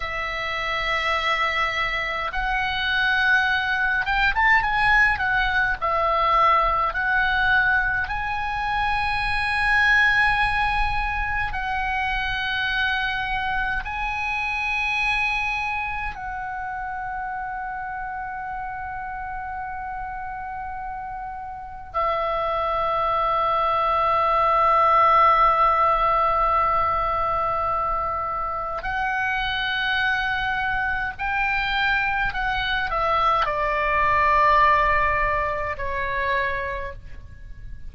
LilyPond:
\new Staff \with { instrumentName = "oboe" } { \time 4/4 \tempo 4 = 52 e''2 fis''4. g''16 a''16 | gis''8 fis''8 e''4 fis''4 gis''4~ | gis''2 fis''2 | gis''2 fis''2~ |
fis''2. e''4~ | e''1~ | e''4 fis''2 g''4 | fis''8 e''8 d''2 cis''4 | }